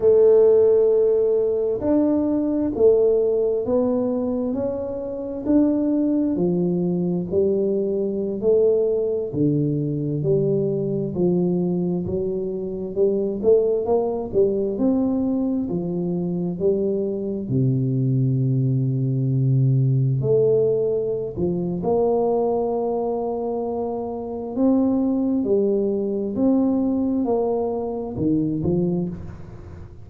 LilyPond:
\new Staff \with { instrumentName = "tuba" } { \time 4/4 \tempo 4 = 66 a2 d'4 a4 | b4 cis'4 d'4 f4 | g4~ g16 a4 d4 g8.~ | g16 f4 fis4 g8 a8 ais8 g16~ |
g16 c'4 f4 g4 c8.~ | c2~ c16 a4~ a16 f8 | ais2. c'4 | g4 c'4 ais4 dis8 f8 | }